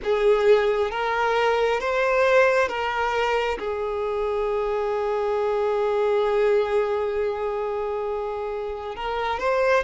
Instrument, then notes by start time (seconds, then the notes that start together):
violin
0.03 G#4
0.90 A#4
1.80 C5
2.68 A#4
3.58 G#4
8.96 A#4
9.39 C5